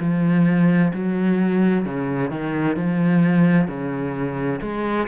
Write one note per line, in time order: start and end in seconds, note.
0.00 0.92 F3
0.94 1.85 F#3
1.85 2.30 C#3
2.30 2.77 D#3
2.77 3.68 F3
3.68 4.60 C#3
4.62 5.08 G#3